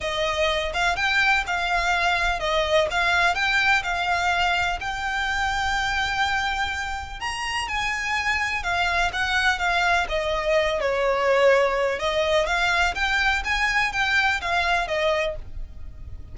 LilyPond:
\new Staff \with { instrumentName = "violin" } { \time 4/4 \tempo 4 = 125 dis''4. f''8 g''4 f''4~ | f''4 dis''4 f''4 g''4 | f''2 g''2~ | g''2. ais''4 |
gis''2 f''4 fis''4 | f''4 dis''4. cis''4.~ | cis''4 dis''4 f''4 g''4 | gis''4 g''4 f''4 dis''4 | }